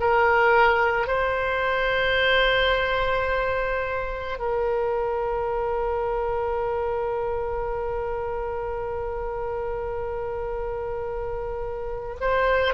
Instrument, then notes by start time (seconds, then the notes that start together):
oboe
0.00 A#4
1.08 C5
4.39 A#4
12.20 C5